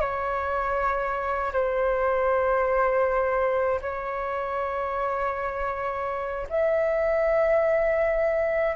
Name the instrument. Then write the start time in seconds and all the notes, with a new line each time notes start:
flute
0.00 C#5
1.52 C5
3.81 C#5
6.49 E5